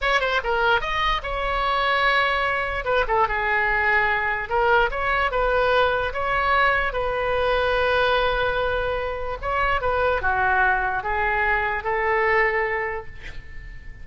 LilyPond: \new Staff \with { instrumentName = "oboe" } { \time 4/4 \tempo 4 = 147 cis''8 c''8 ais'4 dis''4 cis''4~ | cis''2. b'8 a'8 | gis'2. ais'4 | cis''4 b'2 cis''4~ |
cis''4 b'2.~ | b'2. cis''4 | b'4 fis'2 gis'4~ | gis'4 a'2. | }